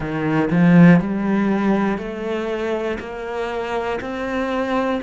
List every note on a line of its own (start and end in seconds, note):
0.00 0.49 D#3
0.50 1.00 F3
1.00 1.97 G3
1.97 2.97 A3
3.00 4.00 A#3
4.00 5.00 C4